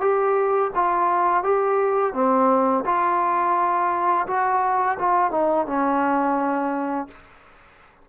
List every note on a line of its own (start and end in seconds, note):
0.00 0.71 G4
0.75 1.43 F4
1.43 2.13 G4
2.13 2.84 C4
2.85 4.26 F4
4.27 4.97 F#4
4.99 5.31 F4
5.31 5.66 D#4
5.66 7.07 C#4